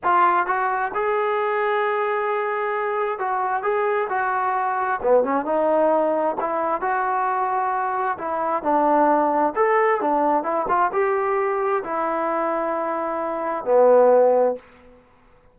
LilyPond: \new Staff \with { instrumentName = "trombone" } { \time 4/4 \tempo 4 = 132 f'4 fis'4 gis'2~ | gis'2. fis'4 | gis'4 fis'2 b8 cis'8 | dis'2 e'4 fis'4~ |
fis'2 e'4 d'4~ | d'4 a'4 d'4 e'8 f'8 | g'2 e'2~ | e'2 b2 | }